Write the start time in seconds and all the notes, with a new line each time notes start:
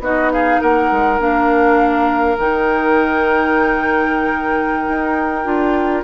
0.00 B3 D#4 F#4 D#5
0.32 G#4 F5
0.61 A#3 A#4 F#5
0.92 G#3
1.19 A#3 D4 F5
2.38 D#3 D#4 G5
4.89 D#4
5.45 D4 F4